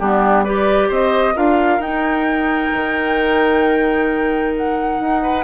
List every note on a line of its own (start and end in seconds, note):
0.00 0.91 G3
0.00 0.46 B3
0.00 0.45 D4
0.00 0.45 G4
0.45 1.35 G4
0.45 0.89 B4
0.45 0.90 D5
0.89 1.36 C4
0.89 1.34 C5
0.89 1.38 D#5
1.35 1.79 D4
1.35 1.81 F4
1.35 5.22 A#4
1.35 1.82 F5
1.79 2.70 D#4
1.79 5.44 D#4
1.79 4.54 G5
2.73 5.01 D#3
4.57 5.44 F#5
5.01 5.44 D#4
5.22 5.44 B4